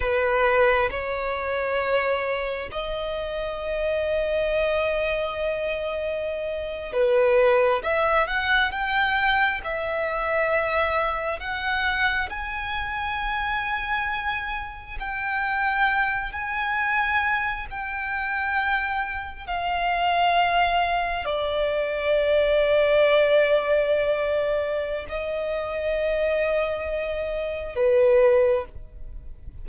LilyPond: \new Staff \with { instrumentName = "violin" } { \time 4/4 \tempo 4 = 67 b'4 cis''2 dis''4~ | dis''2.~ dis''8. b'16~ | b'8. e''8 fis''8 g''4 e''4~ e''16~ | e''8. fis''4 gis''2~ gis''16~ |
gis''8. g''4. gis''4. g''16~ | g''4.~ g''16 f''2 d''16~ | d''1 | dis''2. b'4 | }